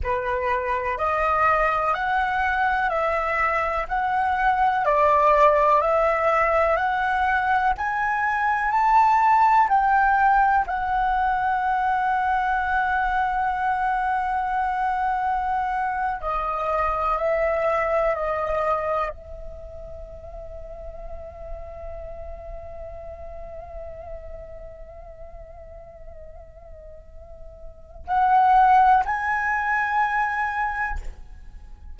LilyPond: \new Staff \with { instrumentName = "flute" } { \time 4/4 \tempo 4 = 62 b'4 dis''4 fis''4 e''4 | fis''4 d''4 e''4 fis''4 | gis''4 a''4 g''4 fis''4~ | fis''1~ |
fis''8. dis''4 e''4 dis''4 e''16~ | e''1~ | e''1~ | e''4 fis''4 gis''2 | }